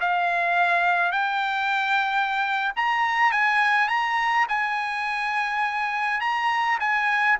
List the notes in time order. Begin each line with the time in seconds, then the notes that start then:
0.00 F5
1.12 G5
2.76 A#5
3.32 G#5
3.88 A#5
4.48 G#5
6.20 A#5
6.80 G#5